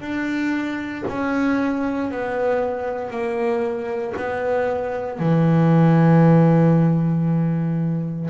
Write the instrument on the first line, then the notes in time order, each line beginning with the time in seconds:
double bass
0.00 D4
1.08 C#4
2.11 B3
3.10 A#3
4.17 B3
5.19 E3